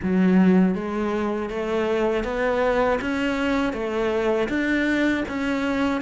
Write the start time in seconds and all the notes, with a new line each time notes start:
0.02 F#3
0.75 G#3
1.49 A3
2.24 B3
3.01 C#4
3.73 A3
4.48 D4
5.28 C#4